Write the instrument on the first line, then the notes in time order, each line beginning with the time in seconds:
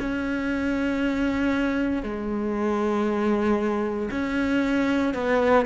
cello
0.00 C#4
2.03 G#3
4.11 C#4
5.14 B3